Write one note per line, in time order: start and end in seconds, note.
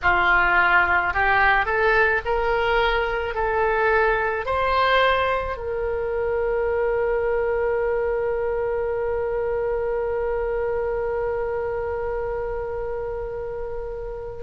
0.02 1.13 F4
1.13 1.65 G4
1.65 2.21 A4
2.25 3.34 A#4
3.34 4.45 A4
4.45 5.56 C5
5.56 14.43 A#4